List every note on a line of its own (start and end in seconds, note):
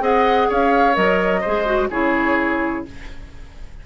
0.00 0.47 C4
0.00 0.94 G#4
0.00 0.48 D#5
0.00 0.51 F#5
0.48 0.96 C#4
0.48 1.41 C#5
0.48 0.95 F5
0.94 1.44 F#3
0.94 1.41 A#4
0.94 1.90 D#5
1.41 1.65 G#4
1.41 1.88 C5
1.47 1.90 G#3
1.65 1.89 F#4
1.90 2.84 C#3
1.90 2.85 E4
1.90 2.84 G#4
1.90 2.85 C#5